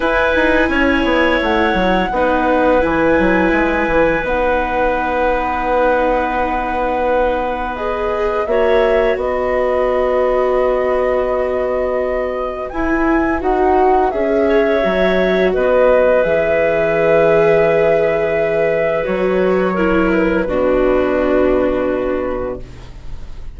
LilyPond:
<<
  \new Staff \with { instrumentName = "flute" } { \time 4/4 \tempo 4 = 85 gis''2 fis''2 | gis''2 fis''2~ | fis''2. dis''4 | e''4 dis''2.~ |
dis''2 gis''4 fis''4 | e''2 dis''4 e''4~ | e''2. cis''4~ | cis''8 b'2.~ b'8 | }
  \new Staff \with { instrumentName = "clarinet" } { \time 4/4 b'4 cis''2 b'4~ | b'1~ | b'1 | cis''4 b'2.~ |
b'1~ | b'8 cis''4. b'2~ | b'1 | ais'4 fis'2. | }
  \new Staff \with { instrumentName = "viola" } { \time 4/4 e'2. dis'4 | e'2 dis'2~ | dis'2. gis'4 | fis'1~ |
fis'2 e'4 fis'4 | gis'4 fis'2 gis'4~ | gis'2. fis'4 | e'4 d'2. | }
  \new Staff \with { instrumentName = "bassoon" } { \time 4/4 e'8 dis'8 cis'8 b8 a8 fis8 b4 | e8 fis8 gis8 e8 b2~ | b1 | ais4 b2.~ |
b2 e'4 dis'4 | cis'4 fis4 b4 e4~ | e2. fis4~ | fis4 b,2. | }
>>